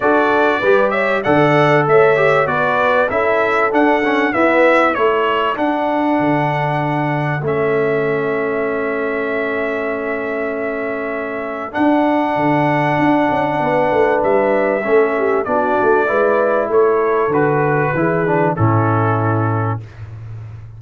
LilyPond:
<<
  \new Staff \with { instrumentName = "trumpet" } { \time 4/4 \tempo 4 = 97 d''4. e''8 fis''4 e''4 | d''4 e''4 fis''4 e''4 | cis''4 fis''2. | e''1~ |
e''2. fis''4~ | fis''2. e''4~ | e''4 d''2 cis''4 | b'2 a'2 | }
  \new Staff \with { instrumentName = "horn" } { \time 4/4 a'4 b'8 cis''8 d''4 cis''4 | b'4 a'2 b'4 | a'1~ | a'1~ |
a'1~ | a'2 b'2 | a'8 g'8 fis'4 b'4 a'4~ | a'4 gis'4 e'2 | }
  \new Staff \with { instrumentName = "trombone" } { \time 4/4 fis'4 g'4 a'4. g'8 | fis'4 e'4 d'8 cis'8 b4 | e'4 d'2. | cis'1~ |
cis'2. d'4~ | d'1 | cis'4 d'4 e'2 | fis'4 e'8 d'8 cis'2 | }
  \new Staff \with { instrumentName = "tuba" } { \time 4/4 d'4 g4 d4 a4 | b4 cis'4 d'4 e'4 | a4 d'4 d2 | a1~ |
a2. d'4 | d4 d'8 cis'8 b8 a8 g4 | a4 b8 a8 gis4 a4 | d4 e4 a,2 | }
>>